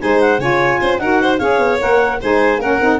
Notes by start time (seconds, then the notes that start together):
0.00 G#3 D#4 C5 G#5
0.21 F#5
0.38 C#3 F4 C#5 G#5
0.81 C#4 C5
0.99 D#4 F#4 A#4 F#5
1.22 C5
1.38 C#4 G#4 C#5 F5
1.58 B3
1.79 A#3 A#4 F#5
2.21 G#3 D#4 C5 G#5
2.58 A#3 C#4 A#4 F#5
2.81 C4 D#4